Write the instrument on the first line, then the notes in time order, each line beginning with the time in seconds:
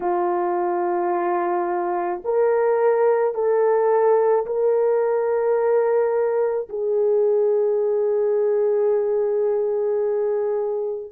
horn
0.00 F4
2.24 A#4
3.34 A4
4.45 A#4
6.69 G#4